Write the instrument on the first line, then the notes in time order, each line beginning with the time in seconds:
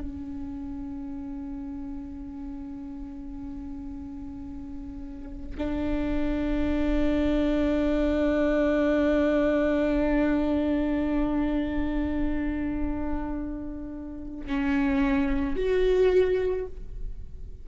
viola
0.00 C#4
5.58 D4
14.46 C#4
15.56 F#4